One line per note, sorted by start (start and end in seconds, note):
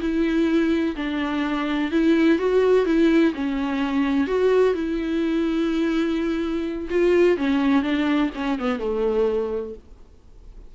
0.00 0.95 E4
0.96 1.91 D4
1.91 2.38 E4
2.38 2.85 F#4
2.85 3.33 E4
3.35 4.27 C#4
4.27 4.74 F#4
4.74 6.88 E4
6.90 7.37 F4
7.37 7.82 C#4
7.82 8.30 D4
8.35 8.59 C#4
8.59 8.79 B3
8.79 9.74 A3